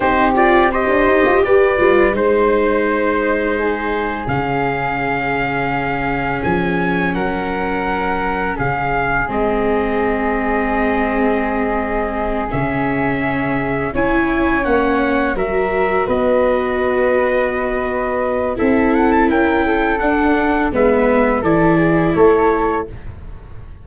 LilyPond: <<
  \new Staff \with { instrumentName = "trumpet" } { \time 4/4 \tempo 4 = 84 c''8 d''8 dis''4 d''4 c''4~ | c''2 f''2~ | f''4 gis''4 fis''2 | f''4 dis''2.~ |
dis''4. e''2 gis''8~ | gis''8 fis''4 e''4 dis''4.~ | dis''2 e''8 fis''16 a''16 g''4 | fis''4 e''4 d''4 cis''4 | }
  \new Staff \with { instrumentName = "flute" } { \time 4/4 g'4 c''4 b'4 c''4~ | c''4 gis'2.~ | gis'2 ais'2 | gis'1~ |
gis'2.~ gis'8 cis''8~ | cis''4. ais'4 b'4.~ | b'2 a'4 ais'8 a'8~ | a'4 b'4 a'8 gis'8 a'4 | }
  \new Staff \with { instrumentName = "viola" } { \time 4/4 dis'8 f'8 g'4. f'8 dis'4~ | dis'2 cis'2~ | cis'1~ | cis'4 c'2.~ |
c'4. cis'2 e'8~ | e'8 cis'4 fis'2~ fis'8~ | fis'2 e'2 | d'4 b4 e'2 | }
  \new Staff \with { instrumentName = "tuba" } { \time 4/4 c'4~ c'16 d'16 dis'16 f'16 g'8 g8 gis4~ | gis2 cis2~ | cis4 f4 fis2 | cis4 gis2.~ |
gis4. cis2 cis'8~ | cis'8 ais4 fis4 b4.~ | b2 c'4 cis'4 | d'4 gis4 e4 a4 | }
>>